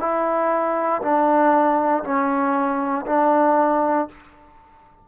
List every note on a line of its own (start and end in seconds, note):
0.00 1.02 E4
1.02 2.03 D4
2.04 3.06 C#4
3.06 4.08 D4